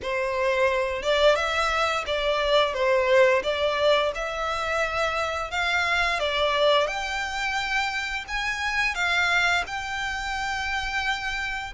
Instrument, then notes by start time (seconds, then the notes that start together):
violin
0.02 C5
1.02 D5
1.35 E5
2.06 D5
2.73 C5
3.43 D5
4.14 E5
5.50 F5
6.19 D5
6.87 G5
8.28 G#5
8.94 F5
9.66 G5